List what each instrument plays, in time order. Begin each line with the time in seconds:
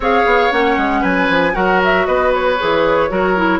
0.00 bassoon C#4, clarinet G#4, oboe C#5, flute F5
0.25 bassoon B3
0.51 bassoon A#3, clarinet C#4, flute F#5
0.77 bassoon G#3
1.00 bassoon F#3, oboe B4, flute G#5
1.29 bassoon F3
1.52 bassoon F#3, clarinet F#4, oboe A#4, flute F#5
1.84 flute E5
2.06 bassoon B3, oboe B4, flute D#5
2.33 flute C#5
2.59 bassoon E3, clarinet G#4
3.09 bassoon F#3, clarinet F#4, oboe A#4
3.36 clarinet E4